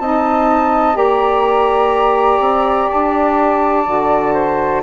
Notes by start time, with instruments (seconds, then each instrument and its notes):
0.00 bassoon C4, saxophone D#4, flute D#5 A5
0.94 bassoon A#3, saxophone G4, flute D5 A#5
2.40 bassoon C4
2.91 bassoon D4, flute A5
3.86 bassoon D3, saxophone F#4
4.34 flute C5